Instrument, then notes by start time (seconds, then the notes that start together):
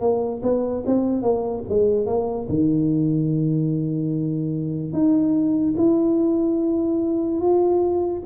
tuba
0.00 A#3
0.43 B3
0.86 C4
1.22 A#3
1.68 G#3
2.06 A#3
2.49 D#3
4.92 D#4
5.77 E4
7.40 F4